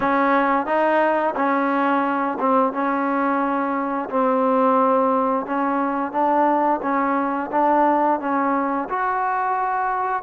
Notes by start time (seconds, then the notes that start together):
0.00 C#4
0.66 D#4
1.35 C#4
2.39 C4
2.72 C#4
4.09 C4
5.45 C#4
6.12 D4
6.82 C#4
7.51 D4
8.20 C#4
8.89 F#4